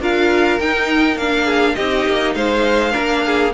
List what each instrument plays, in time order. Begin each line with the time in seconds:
0.00 cello D4, viola F4, violin A#4 F5
0.60 cello D#4, viola D#4, violin G5
1.16 cello A#3, viola D4, violin F5
1.44 violin G#4
1.75 cello C4, viola D#4, violin G4 D#5
2.07 cello A#3
2.35 cello G#3, violin C5 F5
2.91 cello A#3, viola D4, violin A#4
3.26 violin G#4